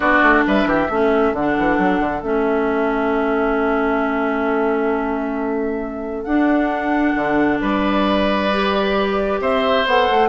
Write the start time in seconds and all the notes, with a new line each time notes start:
0.00 B3 D4 F#4 D5
0.22 A3
0.47 G3 B4 E5
0.64 E3 G4
0.89 A3 C#4 A4
1.33 D3 D4 F#5
1.58 E3
1.78 F#3
2.00 D3
2.22 A3 C#4 E5
6.24 D4 F#5
7.15 D3
7.61 G3 B4 D5
8.51 G4
9.40 C4 C5 E5
9.86 B3 A4 F#5
10.10 A3